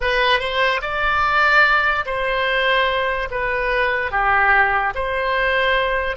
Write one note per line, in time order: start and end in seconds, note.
0.00 0.39 B4
0.39 0.80 C5
0.81 2.05 D5
2.05 3.29 C5
3.30 4.11 B4
4.11 4.93 G4
4.95 6.16 C5